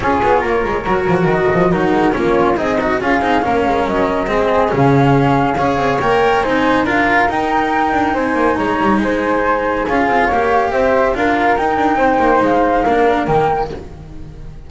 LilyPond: <<
  \new Staff \with { instrumentName = "flute" } { \time 4/4 \tempo 4 = 140 cis''2. dis''4 | ais'4 cis''4 dis''4 f''4~ | f''4 dis''2 f''4~ | f''2 g''4 gis''4 |
f''4 g''2 gis''4 | ais''4 gis''2 f''4~ | f''4 e''4 f''4 g''4~ | g''4 f''2 g''4 | }
  \new Staff \with { instrumentName = "flute" } { \time 4/4 gis'4 ais'2. | fis'4 f'4 dis'4 gis'4 | ais'2 gis'2~ | gis'4 cis''2 c''4 |
ais'2. c''4 | cis''4 c''2 gis'4 | cis''4 c''4 ais'2 | c''2 ais'2 | }
  \new Staff \with { instrumentName = "cello" } { \time 4/4 f'2 fis'2 | dis'4 cis'4 gis'8 fis'8 f'8 dis'8 | cis'2 c'4 cis'4~ | cis'4 gis'4 ais'4 dis'4 |
f'4 dis'2.~ | dis'2. f'4 | g'2 f'4 dis'4~ | dis'2 d'4 ais4 | }
  \new Staff \with { instrumentName = "double bass" } { \time 4/4 cis'8 b8 ais8 gis8 fis8 f8 dis8 f8 | fis8 gis8 ais4 c'4 cis'8 c'8 | ais8 gis8 fis4 gis4 cis4~ | cis4 cis'8 c'8 ais4 c'4 |
d'4 dis'4. d'8 c'8 ais8 | gis8 g8 gis2 cis'8 c'8 | ais4 c'4 d'4 dis'8 d'8 | c'8 ais8 gis4 ais4 dis4 | }
>>